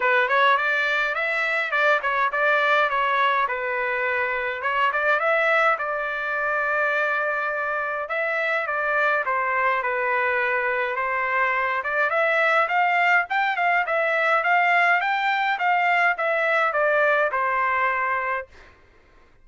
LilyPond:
\new Staff \with { instrumentName = "trumpet" } { \time 4/4 \tempo 4 = 104 b'8 cis''8 d''4 e''4 d''8 cis''8 | d''4 cis''4 b'2 | cis''8 d''8 e''4 d''2~ | d''2 e''4 d''4 |
c''4 b'2 c''4~ | c''8 d''8 e''4 f''4 g''8 f''8 | e''4 f''4 g''4 f''4 | e''4 d''4 c''2 | }